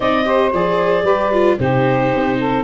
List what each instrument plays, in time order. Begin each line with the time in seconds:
0.00 tuba C4, viola D#4, saxophone D5, clarinet D#5
0.24 viola G4, saxophone C5
0.53 tuba F3, viola G#4, clarinet D5
1.03 tuba G3, viola G4, saxophone B4
1.32 viola F4
1.59 tuba C3, viola D#4, saxophone G4, clarinet C5
2.15 tuba C4
2.39 saxophone A4